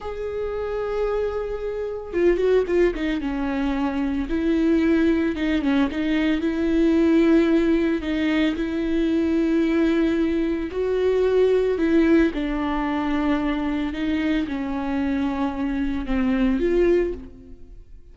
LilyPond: \new Staff \with { instrumentName = "viola" } { \time 4/4 \tempo 4 = 112 gis'1 | f'8 fis'8 f'8 dis'8 cis'2 | e'2 dis'8 cis'8 dis'4 | e'2. dis'4 |
e'1 | fis'2 e'4 d'4~ | d'2 dis'4 cis'4~ | cis'2 c'4 f'4 | }